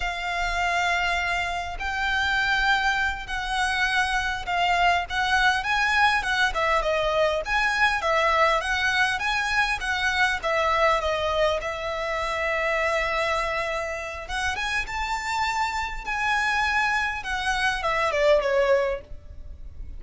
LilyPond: \new Staff \with { instrumentName = "violin" } { \time 4/4 \tempo 4 = 101 f''2. g''4~ | g''4. fis''2 f''8~ | f''8 fis''4 gis''4 fis''8 e''8 dis''8~ | dis''8 gis''4 e''4 fis''4 gis''8~ |
gis''8 fis''4 e''4 dis''4 e''8~ | e''1 | fis''8 gis''8 a''2 gis''4~ | gis''4 fis''4 e''8 d''8 cis''4 | }